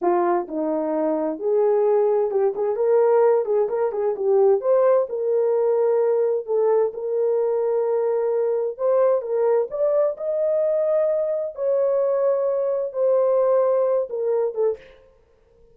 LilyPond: \new Staff \with { instrumentName = "horn" } { \time 4/4 \tempo 4 = 130 f'4 dis'2 gis'4~ | gis'4 g'8 gis'8 ais'4. gis'8 | ais'8 gis'8 g'4 c''4 ais'4~ | ais'2 a'4 ais'4~ |
ais'2. c''4 | ais'4 d''4 dis''2~ | dis''4 cis''2. | c''2~ c''8 ais'4 a'8 | }